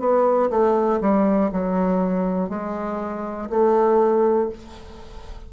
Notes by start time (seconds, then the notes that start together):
0.00 B3
0.51 A3
1.01 G3
1.52 F#3
2.50 G#3
3.50 A3